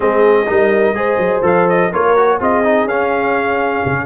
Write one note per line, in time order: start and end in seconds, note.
0.00 0.48 G#3
0.00 0.46 C4
0.00 0.48 G#4
0.00 1.41 D#5
0.46 0.93 G3
0.46 0.94 D#4
0.46 0.96 A#4
0.93 1.17 G#3
0.93 1.42 G#4
0.93 1.91 C5
1.17 1.41 F#3
1.42 1.90 F3
1.42 1.90 A4
1.42 1.68 F5
1.68 1.92 D#5
1.91 2.40 A#3
1.91 2.16 F4
1.91 2.39 A#4
1.91 2.41 C#5
2.17 2.40 F#4
2.39 2.84 C4
2.39 2.64 F4
2.39 4.06 G#4
2.39 2.88 D#5
2.64 2.88 D#4
2.84 3.80 C#4
2.84 4.06 C#4
2.84 4.06 F5
3.85 4.06 C#3